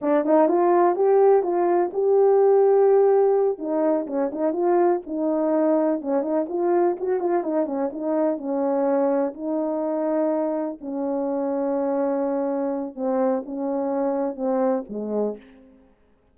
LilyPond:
\new Staff \with { instrumentName = "horn" } { \time 4/4 \tempo 4 = 125 d'8 dis'8 f'4 g'4 f'4 | g'2.~ g'8 dis'8~ | dis'8 cis'8 dis'8 f'4 dis'4.~ | dis'8 cis'8 dis'8 f'4 fis'8 f'8 dis'8 |
cis'8 dis'4 cis'2 dis'8~ | dis'2~ dis'8 cis'4.~ | cis'2. c'4 | cis'2 c'4 gis4 | }